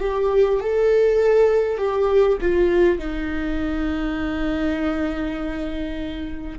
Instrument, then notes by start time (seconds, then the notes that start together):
viola
0.00 G4
0.60 A4
1.78 G4
2.41 F4
2.99 D#4